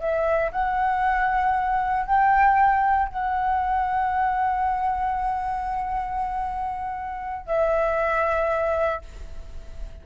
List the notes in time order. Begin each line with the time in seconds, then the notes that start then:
0.00 E5
0.52 F#5
2.06 G5
3.09 F#5
7.46 E5